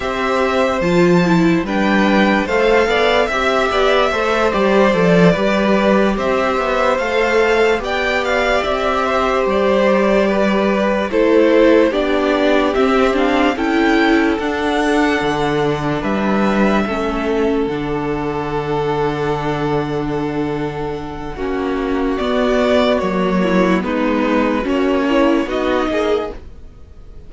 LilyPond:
<<
  \new Staff \with { instrumentName = "violin" } { \time 4/4 \tempo 4 = 73 e''4 a''4 g''4 f''4 | e''4. d''2 e''8~ | e''8 f''4 g''8 f''8 e''4 d''8~ | d''4. c''4 d''4 e''8 |
f''8 g''4 fis''2 e''8~ | e''4. fis''2~ fis''8~ | fis''2. d''4 | cis''4 b'4 cis''4 dis''4 | }
  \new Staff \with { instrumentName = "violin" } { \time 4/4 c''2 b'4 c''8 d''8 | e''8 d''8 c''4. b'4 c''8~ | c''4. d''4. c''4~ | c''8 b'4 a'4 g'4.~ |
g'8 a'2. b'8~ | b'8 a'2.~ a'8~ | a'2 fis'2~ | fis'8 e'8 dis'4 cis'4 fis'8 gis'8 | }
  \new Staff \with { instrumentName = "viola" } { \time 4/4 g'4 f'8 e'8 d'4 a'4 | g'4 a'8 g'8 a'8 g'4.~ | g'8 a'4 g'2~ g'8~ | g'4. e'4 d'4 c'8 |
d'8 e'4 d'2~ d'8~ | d'8 cis'4 d'2~ d'8~ | d'2 cis'4 b4 | ais4 b4 fis'8 e'8 dis'4 | }
  \new Staff \with { instrumentName = "cello" } { \time 4/4 c'4 f4 g4 a8 b8 | c'8 b8 a8 g8 f8 g4 c'8 | b8 a4 b4 c'4 g8~ | g4. a4 b4 c'8~ |
c'8 cis'4 d'4 d4 g8~ | g8 a4 d2~ d8~ | d2 ais4 b4 | fis4 gis4 ais4 b8 ais8 | }
>>